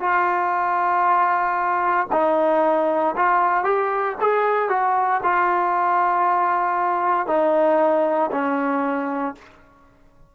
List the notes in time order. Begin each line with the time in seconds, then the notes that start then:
0.00 F4
2.12 D#4
3.16 F4
3.64 G4
4.21 G#4
4.69 F#4
5.23 F4
7.27 D#4
8.31 C#4